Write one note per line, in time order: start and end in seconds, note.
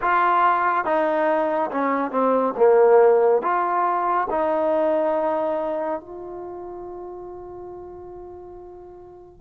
0.01 0.84 F4
0.84 1.70 D#4
1.71 2.11 C#4
2.11 2.54 C4
2.57 3.42 A#3
3.42 4.27 F4
4.30 6.00 D#4
6.00 9.41 F4